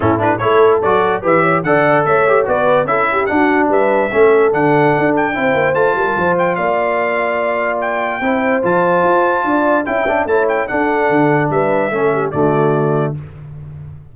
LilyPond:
<<
  \new Staff \with { instrumentName = "trumpet" } { \time 4/4 \tempo 4 = 146 a'8 b'8 cis''4 d''4 e''4 | fis''4 e''4 d''4 e''4 | fis''4 e''2 fis''4~ | fis''8 g''4. a''4. g''8 |
f''2. g''4~ | g''4 a''2. | g''4 a''8 g''8 fis''2 | e''2 d''2 | }
  \new Staff \with { instrumentName = "horn" } { \time 4/4 e'4 a'2 b'8 cis''8 | d''4 cis''4 b'4 a'8 g'8 | fis'4 b'4 a'2~ | a'4 c''4. ais'8 c''4 |
d''1 | c''2. d''4 | e''4 cis''4 a'2 | b'4 a'8 g'8 fis'2 | }
  \new Staff \with { instrumentName = "trombone" } { \time 4/4 cis'8 d'8 e'4 fis'4 g'4 | a'4. g'8 fis'4 e'4 | d'2 cis'4 d'4~ | d'4 e'4 f'2~ |
f'1 | e'4 f'2. | e'8 d'8 e'4 d'2~ | d'4 cis'4 a2 | }
  \new Staff \with { instrumentName = "tuba" } { \time 4/4 a,4 a4 fis4 e4 | d4 a4 b4 cis'4 | d'4 g4 a4 d4 | d'4 c'8 ais8 a8 g8 f4 |
ais1 | c'4 f4 f'4 d'4 | cis'4 a4 d'4 d4 | g4 a4 d2 | }
>>